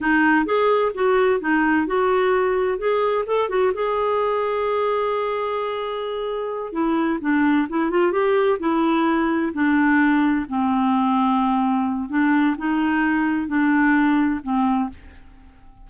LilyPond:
\new Staff \with { instrumentName = "clarinet" } { \time 4/4 \tempo 4 = 129 dis'4 gis'4 fis'4 dis'4 | fis'2 gis'4 a'8 fis'8 | gis'1~ | gis'2~ gis'8 e'4 d'8~ |
d'8 e'8 f'8 g'4 e'4.~ | e'8 d'2 c'4.~ | c'2 d'4 dis'4~ | dis'4 d'2 c'4 | }